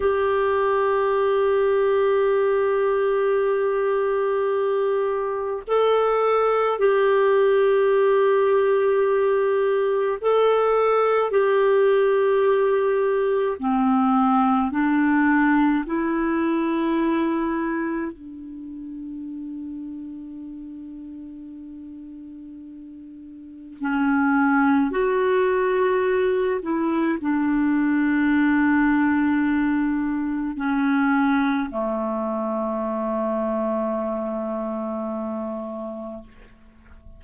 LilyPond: \new Staff \with { instrumentName = "clarinet" } { \time 4/4 \tempo 4 = 53 g'1~ | g'4 a'4 g'2~ | g'4 a'4 g'2 | c'4 d'4 e'2 |
d'1~ | d'4 cis'4 fis'4. e'8 | d'2. cis'4 | a1 | }